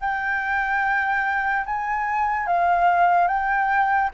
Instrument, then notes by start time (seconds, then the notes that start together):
flute
0.00 G5
1.66 G#5
2.46 F5
3.27 G5